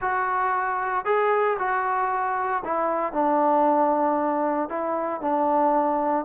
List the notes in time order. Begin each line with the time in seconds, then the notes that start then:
0.01 F#4
1.05 G#4
1.58 F#4
2.64 E4
3.12 D4
4.69 E4
5.21 D4